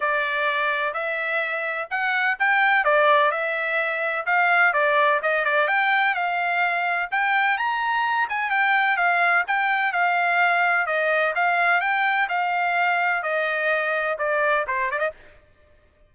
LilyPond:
\new Staff \with { instrumentName = "trumpet" } { \time 4/4 \tempo 4 = 127 d''2 e''2 | fis''4 g''4 d''4 e''4~ | e''4 f''4 d''4 dis''8 d''8 | g''4 f''2 g''4 |
ais''4. gis''8 g''4 f''4 | g''4 f''2 dis''4 | f''4 g''4 f''2 | dis''2 d''4 c''8 d''16 dis''16 | }